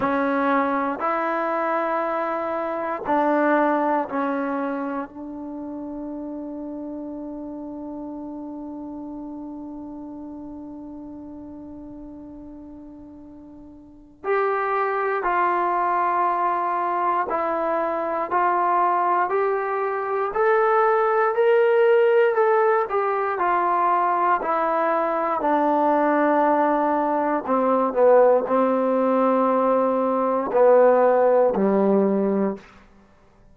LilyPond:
\new Staff \with { instrumentName = "trombone" } { \time 4/4 \tempo 4 = 59 cis'4 e'2 d'4 | cis'4 d'2.~ | d'1~ | d'2 g'4 f'4~ |
f'4 e'4 f'4 g'4 | a'4 ais'4 a'8 g'8 f'4 | e'4 d'2 c'8 b8 | c'2 b4 g4 | }